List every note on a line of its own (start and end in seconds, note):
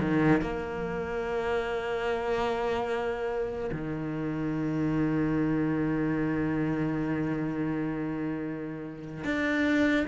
0.00 0.41 D#3
0.41 3.70 A#3
3.72 9.24 D#3
9.24 10.06 D4